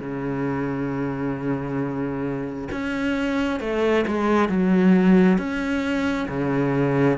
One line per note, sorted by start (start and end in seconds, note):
0.00 2.69 C#3
2.72 3.60 C#4
3.60 4.05 A3
4.07 4.49 G#3
4.49 5.38 F#3
5.38 6.28 C#4
6.29 7.18 C#3